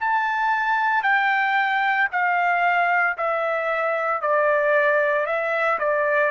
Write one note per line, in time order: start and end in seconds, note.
0.00 1.03 A5
1.03 2.08 G5
2.11 3.17 F5
3.17 4.21 E5
4.21 5.26 D5
5.26 5.78 E5
5.79 6.31 D5